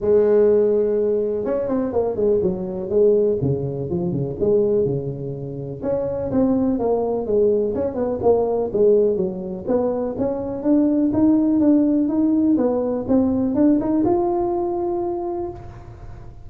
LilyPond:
\new Staff \with { instrumentName = "tuba" } { \time 4/4 \tempo 4 = 124 gis2. cis'8 c'8 | ais8 gis8 fis4 gis4 cis4 | f8 cis8 gis4 cis2 | cis'4 c'4 ais4 gis4 |
cis'8 b8 ais4 gis4 fis4 | b4 cis'4 d'4 dis'4 | d'4 dis'4 b4 c'4 | d'8 dis'8 f'2. | }